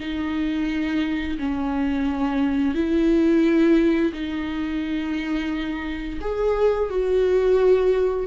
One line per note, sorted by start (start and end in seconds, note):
0.00 1.38 D#4
1.39 2.75 C#4
2.75 4.13 E4
4.13 6.20 D#4
6.21 6.90 G#4
6.90 8.27 F#4